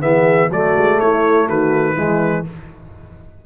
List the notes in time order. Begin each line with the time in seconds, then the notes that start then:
0.00 E3 B3 G#4 E5
0.49 F#3 A3 F#4 D5
0.75 G#3
0.99 A3 E4 C#5
1.48 D#3 F#4 B4
1.94 E3 G#3 E4